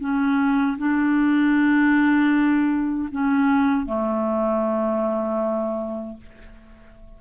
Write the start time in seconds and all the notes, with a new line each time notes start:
0.00 C#4
0.78 D4
3.12 C#4
3.86 A3